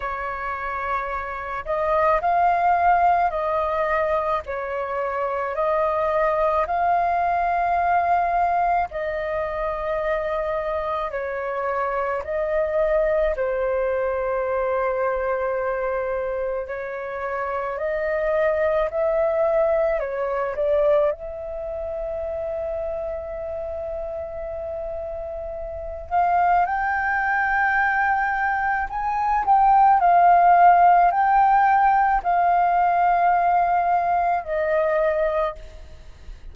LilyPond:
\new Staff \with { instrumentName = "flute" } { \time 4/4 \tempo 4 = 54 cis''4. dis''8 f''4 dis''4 | cis''4 dis''4 f''2 | dis''2 cis''4 dis''4 | c''2. cis''4 |
dis''4 e''4 cis''8 d''8 e''4~ | e''2.~ e''8 f''8 | g''2 gis''8 g''8 f''4 | g''4 f''2 dis''4 | }